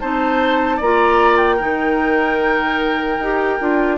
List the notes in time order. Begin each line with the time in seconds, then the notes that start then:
0.00 C4 D#4 C5 A5
0.77 A#3 F4 D5 A#5
1.37 G5
1.57 D#3 D#4 A#4
3.19 D#4 G4
3.60 D4 F4